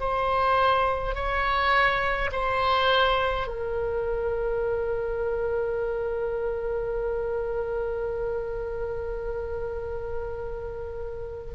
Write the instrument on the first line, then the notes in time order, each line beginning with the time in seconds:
oboe
0.00 C5
1.15 C#5
2.32 C5
3.47 A#4